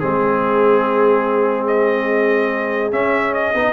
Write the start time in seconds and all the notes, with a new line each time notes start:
0.00 G#3 C4 G#4
1.67 D#5
2.92 C#4 E5
3.34 D#5
3.54 B3 D#4